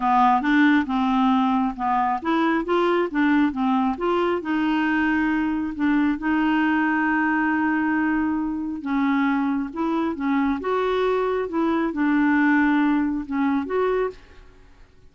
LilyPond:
\new Staff \with { instrumentName = "clarinet" } { \time 4/4 \tempo 4 = 136 b4 d'4 c'2 | b4 e'4 f'4 d'4 | c'4 f'4 dis'2~ | dis'4 d'4 dis'2~ |
dis'1 | cis'2 e'4 cis'4 | fis'2 e'4 d'4~ | d'2 cis'4 fis'4 | }